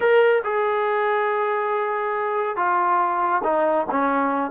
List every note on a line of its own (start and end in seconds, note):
0.00 0.42 A#4
0.44 2.56 G#4
2.56 3.42 F4
3.43 3.86 D#4
3.90 4.51 C#4